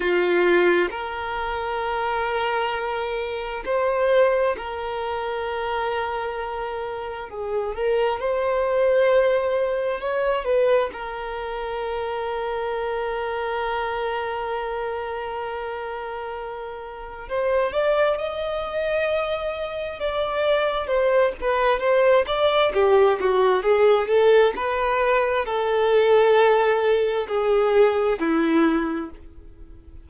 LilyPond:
\new Staff \with { instrumentName = "violin" } { \time 4/4 \tempo 4 = 66 f'4 ais'2. | c''4 ais'2. | gis'8 ais'8 c''2 cis''8 b'8 | ais'1~ |
ais'2. c''8 d''8 | dis''2 d''4 c''8 b'8 | c''8 d''8 g'8 fis'8 gis'8 a'8 b'4 | a'2 gis'4 e'4 | }